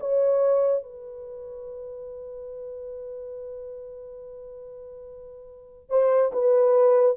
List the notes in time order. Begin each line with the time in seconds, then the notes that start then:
0.00 C#5
0.83 B4
5.89 C5
6.32 B4